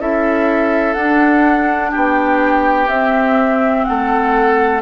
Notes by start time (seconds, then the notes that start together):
0.00 C#4 E4 A4 E5
0.94 D4 F#5
1.91 B3 G4 G5
2.88 C4 E5
3.85 A3 A4 F#5